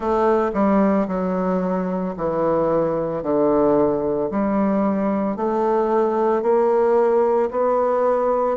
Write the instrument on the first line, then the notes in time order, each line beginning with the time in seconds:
bassoon
0.00 A3
0.54 G3
1.07 F#3
2.16 E3
3.22 D3
4.31 G3
5.36 A3
6.42 A#3
7.50 B3